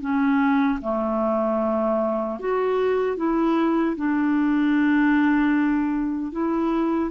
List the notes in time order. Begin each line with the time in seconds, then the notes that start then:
0.00 C#4
0.81 A3
2.39 F#4
3.17 E4
3.96 D4
6.32 E4